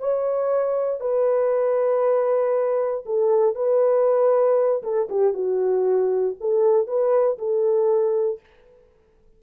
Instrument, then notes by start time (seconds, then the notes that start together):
horn
0.00 C#5
1.01 B4
3.06 A4
3.55 B4
4.83 A4
5.09 G4
5.34 F#4
6.41 A4
6.88 B4
7.39 A4